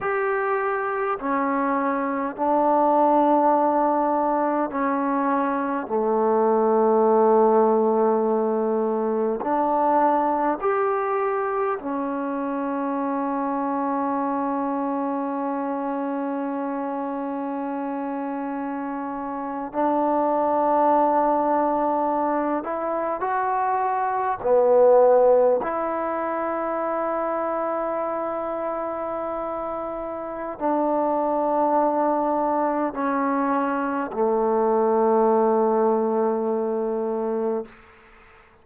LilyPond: \new Staff \with { instrumentName = "trombone" } { \time 4/4 \tempo 4 = 51 g'4 cis'4 d'2 | cis'4 a2. | d'4 g'4 cis'2~ | cis'1~ |
cis'8. d'2~ d'8 e'8 fis'16~ | fis'8. b4 e'2~ e'16~ | e'2 d'2 | cis'4 a2. | }